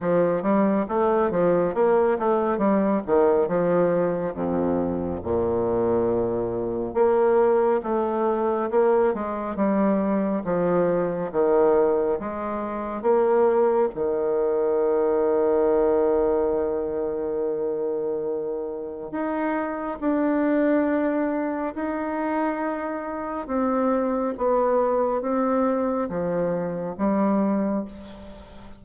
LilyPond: \new Staff \with { instrumentName = "bassoon" } { \time 4/4 \tempo 4 = 69 f8 g8 a8 f8 ais8 a8 g8 dis8 | f4 f,4 ais,2 | ais4 a4 ais8 gis8 g4 | f4 dis4 gis4 ais4 |
dis1~ | dis2 dis'4 d'4~ | d'4 dis'2 c'4 | b4 c'4 f4 g4 | }